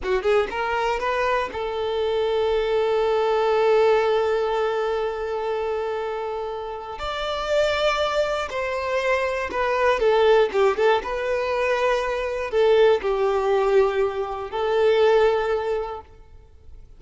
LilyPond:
\new Staff \with { instrumentName = "violin" } { \time 4/4 \tempo 4 = 120 fis'8 gis'8 ais'4 b'4 a'4~ | a'1~ | a'1~ | a'2 d''2~ |
d''4 c''2 b'4 | a'4 g'8 a'8 b'2~ | b'4 a'4 g'2~ | g'4 a'2. | }